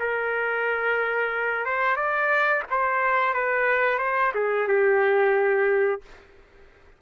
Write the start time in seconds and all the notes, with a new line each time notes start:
0.00 A#4
1.66 C5
1.96 D5
2.70 C5
3.34 B4
3.99 C5
4.35 G#4
4.68 G4